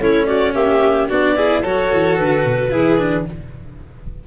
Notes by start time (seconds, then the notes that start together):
0.00 A3 C#4 E4 C#5
0.26 F#4 D5
0.54 A#3 G4 E5
1.09 B3 D4 F#4 D5
1.36 E4 G#4
1.63 F#3 F#4 A4 C#5
1.93 E3
2.18 D3 B4
2.45 B2
2.72 E3 E4 G#4
2.98 D4